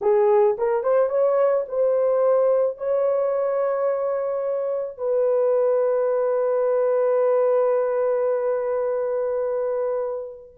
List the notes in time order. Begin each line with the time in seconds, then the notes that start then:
0.01 G#4
0.57 A#4
0.83 C5
1.09 C#5
1.68 C5
2.77 C#5
4.97 B4